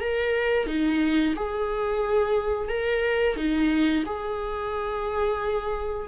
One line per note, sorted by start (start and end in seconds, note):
0.00 0.66 A#4
0.66 1.34 D#4
1.35 2.68 G#4
2.68 3.36 A#4
3.36 4.03 D#4
4.05 6.07 G#4